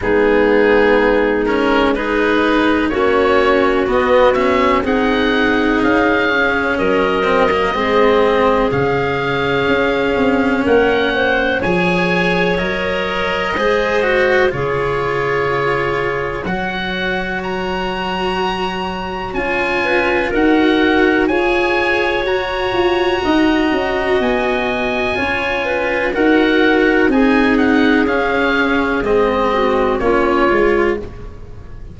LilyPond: <<
  \new Staff \with { instrumentName = "oboe" } { \time 4/4 \tempo 4 = 62 gis'4. ais'8 b'4 cis''4 | dis''8 e''8 fis''4 f''4 dis''4~ | dis''4 f''2 fis''4 | gis''4 dis''2 cis''4~ |
cis''4 fis''4 ais''2 | gis''4 fis''4 gis''4 ais''4~ | ais''4 gis''2 fis''4 | gis''8 fis''8 f''4 dis''4 cis''4 | }
  \new Staff \with { instrumentName = "clarinet" } { \time 4/4 dis'2 gis'4 fis'4~ | fis'4 gis'2 ais'4 | gis'2. ais'8 c''8 | cis''2 c''4 gis'4~ |
gis'4 cis''2.~ | cis''8 b'8 ais'4 cis''2 | dis''2 cis''8 b'8 ais'4 | gis'2~ gis'8 fis'8 f'4 | }
  \new Staff \with { instrumentName = "cello" } { \time 4/4 b4. cis'8 dis'4 cis'4 | b8 cis'8 dis'4. cis'4 c'16 ais16 | c'4 cis'2. | gis'4 ais'4 gis'8 fis'8 f'4~ |
f'4 fis'2. | f'4 fis'4 gis'4 fis'4~ | fis'2 f'4 fis'4 | dis'4 cis'4 c'4 cis'8 f'8 | }
  \new Staff \with { instrumentName = "tuba" } { \time 4/4 gis2. ais4 | b4 c'4 cis'4 fis4 | gis4 cis4 cis'8 c'8 ais4 | f4 fis4 gis4 cis4~ |
cis4 fis2. | cis'4 dis'4 f'4 fis'8 f'8 | dis'8 cis'8 b4 cis'4 dis'4 | c'4 cis'4 gis4 ais8 gis8 | }
>>